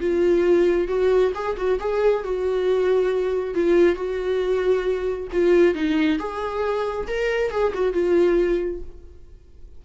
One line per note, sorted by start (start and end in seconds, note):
0.00 0.88 F4
0.88 1.32 F#4
1.34 1.56 G#4
1.57 1.79 F#4
1.80 2.24 G#4
2.24 3.54 F#4
3.54 3.95 F4
3.95 5.28 F#4
5.32 5.74 F4
5.74 6.18 D#4
6.19 7.07 G#4
7.07 7.51 A#4
7.51 7.73 G#4
7.74 7.93 F#4
7.93 8.81 F4